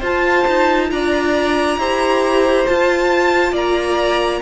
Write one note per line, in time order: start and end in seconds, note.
0.00 0.46 F4
0.00 1.80 F4
0.00 0.88 C5
0.00 0.91 A5
0.48 0.92 D#4
0.91 1.78 D4
0.91 1.79 D5
0.91 2.67 A#5
1.78 2.66 E4
1.78 2.67 G4
1.78 3.53 C5
2.67 4.42 F4
2.67 3.53 F4
2.67 3.55 A5
3.53 4.41 A#3
3.53 4.41 D5
3.53 4.42 A#5